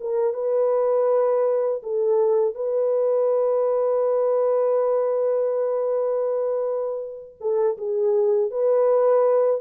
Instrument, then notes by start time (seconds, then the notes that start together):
horn
0.00 A#4
0.33 B4
1.82 A4
2.54 B4
7.40 A4
7.77 G#4
8.50 B4